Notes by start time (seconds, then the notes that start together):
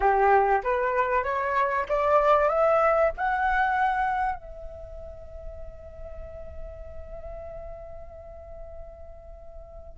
0.00 G4
0.63 B4
1.23 C#5
1.88 D5
2.48 E5
3.17 F#5
4.35 E5